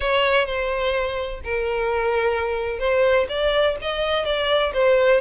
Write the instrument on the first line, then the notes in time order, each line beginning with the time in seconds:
violin
0.00 C#5
0.46 C5
1.44 A#4
2.79 C5
3.28 D5
3.81 D#5
4.25 D5
4.73 C5